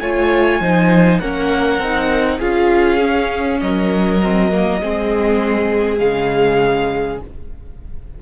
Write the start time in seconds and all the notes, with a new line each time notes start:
0.00 A3 F4 C#5 G#5
0.60 F3 D#4 C5
1.19 A#3 C#4 A#4 F#5
1.79 C4 D#4
2.38 C#4 F4 G#4 F5
3.00 C#4
3.60 F#3 A#4 D#5
4.23 C4
4.51 A#3
4.81 G#3 C4 G#4
5.98 C#3 G#3 F5